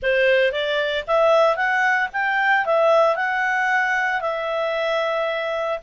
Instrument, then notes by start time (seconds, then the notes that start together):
clarinet
0.02 C5
0.51 D5
1.07 E5
1.56 F#5
2.12 G5
2.65 E5
3.16 F#5
4.21 E5